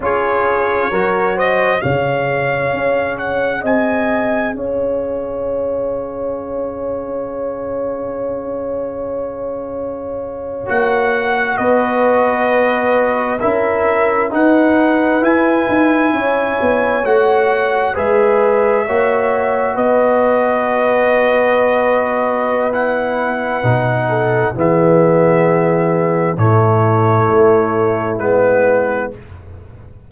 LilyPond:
<<
  \new Staff \with { instrumentName = "trumpet" } { \time 4/4 \tempo 4 = 66 cis''4. dis''8 f''4. fis''8 | gis''4 f''2.~ | f''2.~ f''8. fis''16~ | fis''8. dis''2 e''4 fis''16~ |
fis''8. gis''2 fis''4 e''16~ | e''4.~ e''16 dis''2~ dis''16~ | dis''4 fis''2 e''4~ | e''4 cis''2 b'4 | }
  \new Staff \with { instrumentName = "horn" } { \time 4/4 gis'4 ais'8 c''8 cis''2 | dis''4 cis''2.~ | cis''1~ | cis''8. b'2 ais'4 b'16~ |
b'4.~ b'16 cis''2 b'16~ | b'8. cis''4 b'2~ b'16~ | b'2~ b'8 a'8 gis'4~ | gis'4 e'2. | }
  \new Staff \with { instrumentName = "trombone" } { \time 4/4 f'4 fis'4 gis'2~ | gis'1~ | gis'2.~ gis'8. fis'16~ | fis'2~ fis'8. e'4 dis'16~ |
dis'8. e'2 fis'4 gis'16~ | gis'8. fis'2.~ fis'16~ | fis'4 e'4 dis'4 b4~ | b4 a2 b4 | }
  \new Staff \with { instrumentName = "tuba" } { \time 4/4 cis'4 fis4 cis4 cis'4 | c'4 cis'2.~ | cis'2.~ cis'8. ais16~ | ais8. b2 cis'4 dis'16~ |
dis'8. e'8 dis'8 cis'8 b8 a4 gis16~ | gis8. ais4 b2~ b16~ | b2 b,4 e4~ | e4 a,4 a4 gis4 | }
>>